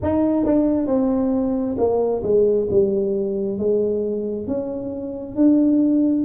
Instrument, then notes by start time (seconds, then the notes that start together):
tuba
0.02 D#4
0.45 D4
0.87 C4
1.77 A#3
2.23 G#3
2.70 G3
3.58 G#3
4.47 C#4
5.35 D4